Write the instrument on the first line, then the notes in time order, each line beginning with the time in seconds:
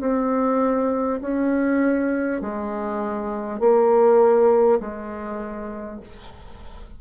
bassoon
0.00 C4
1.22 C#4
2.41 G#3
3.59 A#3
4.80 G#3